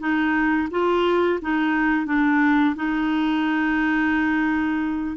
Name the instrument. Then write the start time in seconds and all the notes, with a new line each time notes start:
clarinet
0.00 D#4
0.71 F4
1.42 D#4
2.07 D4
2.76 D#4